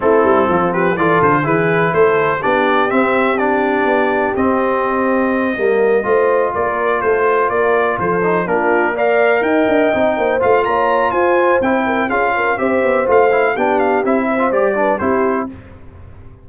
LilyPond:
<<
  \new Staff \with { instrumentName = "trumpet" } { \time 4/4 \tempo 4 = 124 a'4. b'8 d''8 c''8 b'4 | c''4 d''4 e''4 d''4~ | d''4 dis''2.~ | dis''4. d''4 c''4 d''8~ |
d''8 c''4 ais'4 f''4 g''8~ | g''4. f''8 ais''4 gis''4 | g''4 f''4 e''4 f''4 | g''8 f''8 e''4 d''4 c''4 | }
  \new Staff \with { instrumentName = "horn" } { \time 4/4 e'4 f'8 g'8 a'4 gis'4 | a'4 g'2.~ | g'2.~ g'8 ais'8~ | ais'8 c''4 ais'4 a'8 c''8 ais'8~ |
ais'8 a'4 f'4 d''4 dis''8~ | dis''4 c''4 cis''4 c''4~ | c''8 ais'8 gis'8 ais'8 c''2 | g'4. c''4 b'8 g'4 | }
  \new Staff \with { instrumentName = "trombone" } { \time 4/4 c'2 f'4 e'4~ | e'4 d'4 c'4 d'4~ | d'4 c'2~ c'8 ais8~ | ais8 f'2.~ f'8~ |
f'4 dis'8 d'4 ais'4.~ | ais'8 dis'4 f'2~ f'8 | e'4 f'4 g'4 f'8 e'8 | d'4 e'8. f'16 g'8 d'8 e'4 | }
  \new Staff \with { instrumentName = "tuba" } { \time 4/4 a8 g8 f4 e8 d8 e4 | a4 b4 c'2 | b4 c'2~ c'8 g8~ | g8 a4 ais4 a4 ais8~ |
ais8 f4 ais2 dis'8 | d'8 c'8 ais8 a8 ais4 f'4 | c'4 cis'4 c'8 b8 a4 | b4 c'4 g4 c'4 | }
>>